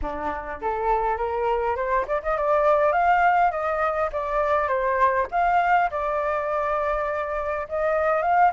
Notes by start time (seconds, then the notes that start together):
0.02 D4
0.61 A4
1.17 A#4
1.76 C5
2.07 D5
2.22 D#5
2.37 D5
2.92 F5
3.51 D#5
4.12 D5
4.68 C5
5.31 F5
5.90 D5
7.68 D#5
8.22 F5